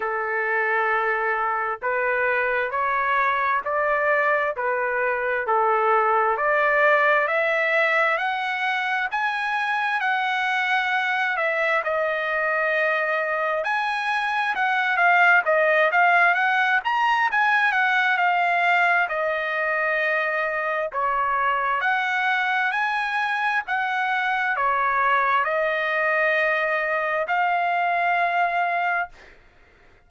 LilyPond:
\new Staff \with { instrumentName = "trumpet" } { \time 4/4 \tempo 4 = 66 a'2 b'4 cis''4 | d''4 b'4 a'4 d''4 | e''4 fis''4 gis''4 fis''4~ | fis''8 e''8 dis''2 gis''4 |
fis''8 f''8 dis''8 f''8 fis''8 ais''8 gis''8 fis''8 | f''4 dis''2 cis''4 | fis''4 gis''4 fis''4 cis''4 | dis''2 f''2 | }